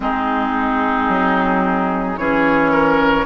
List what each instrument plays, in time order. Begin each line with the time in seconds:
0.00 bassoon G#3, clarinet C4, oboe D#4, flute G#4
1.08 bassoon F#3
2.17 bassoon E3, clarinet C#4, oboe G#4, flute C#5
2.71 oboe A#4